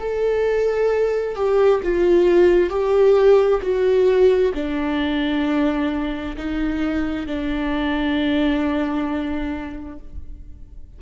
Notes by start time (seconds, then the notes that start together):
0.00 A4
1.36 G4
1.83 F4
2.70 G4
3.62 F#4
4.55 D4
6.37 D#4
7.27 D4